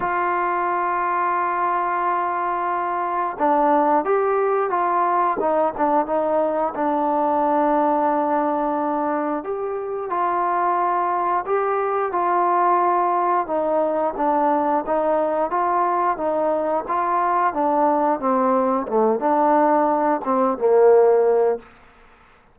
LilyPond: \new Staff \with { instrumentName = "trombone" } { \time 4/4 \tempo 4 = 89 f'1~ | f'4 d'4 g'4 f'4 | dis'8 d'8 dis'4 d'2~ | d'2 g'4 f'4~ |
f'4 g'4 f'2 | dis'4 d'4 dis'4 f'4 | dis'4 f'4 d'4 c'4 | a8 d'4. c'8 ais4. | }